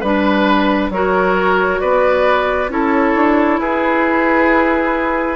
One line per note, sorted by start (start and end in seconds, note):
0.00 0.90 G3
0.00 0.93 D4
0.00 0.90 B4
0.00 0.91 B4
0.90 1.79 F#3
0.90 2.70 F#4
0.90 1.81 A#4
0.90 1.80 C#5
1.80 2.69 B3
1.80 2.71 B4
1.80 2.69 D5
2.69 3.13 C#4
2.69 5.36 E4
2.69 3.60 A4
2.69 3.60 C#5
3.15 3.60 D4
3.60 5.36 E4
3.60 5.36 G#4
3.60 5.36 B4